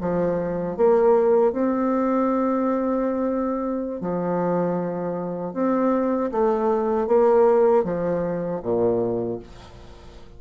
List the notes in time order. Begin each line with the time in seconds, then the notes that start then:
0.00 F3
0.76 A#3
1.52 C4
4.00 F3
5.53 C4
6.31 A3
7.07 A#3
7.84 F3
8.62 A#2